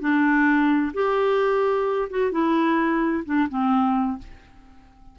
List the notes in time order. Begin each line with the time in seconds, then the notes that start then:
0.00 D4
0.94 G4
2.10 F#4
2.32 E4
3.25 D4
3.49 C4